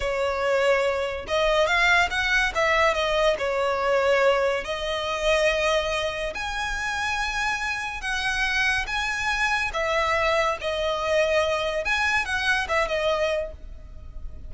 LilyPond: \new Staff \with { instrumentName = "violin" } { \time 4/4 \tempo 4 = 142 cis''2. dis''4 | f''4 fis''4 e''4 dis''4 | cis''2. dis''4~ | dis''2. gis''4~ |
gis''2. fis''4~ | fis''4 gis''2 e''4~ | e''4 dis''2. | gis''4 fis''4 e''8 dis''4. | }